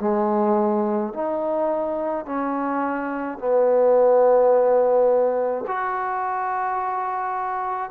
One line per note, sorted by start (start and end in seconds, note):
0.00 1.13 G#3
1.13 2.25 D#4
2.25 3.38 C#4
3.38 5.64 B3
5.68 7.90 F#4